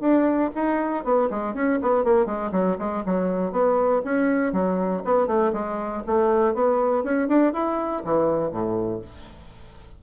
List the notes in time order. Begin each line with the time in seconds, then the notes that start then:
0.00 D4
0.55 D#4
1.04 B3
1.30 G#3
1.54 C#4
1.82 B3
2.04 A#3
2.25 G#3
2.51 F#3
2.78 G#3
3.05 F#3
3.51 B3
4.04 C#4
4.52 F#3
5.04 B3
5.26 A3
5.53 G#3
6.06 A3
6.54 B3
7.03 C#4
7.28 D4
7.53 E4
8.04 E3
8.51 A2